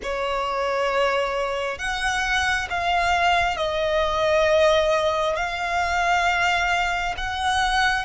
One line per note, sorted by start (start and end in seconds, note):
0.02 1.78 C#5
1.78 2.67 F#5
2.69 3.56 F5
3.56 5.35 D#5
5.35 7.14 F5
7.16 8.05 F#5